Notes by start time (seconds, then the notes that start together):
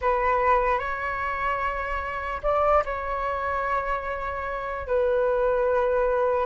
0.01 B4
0.79 C#5
2.43 D5
2.85 C#5
4.86 B4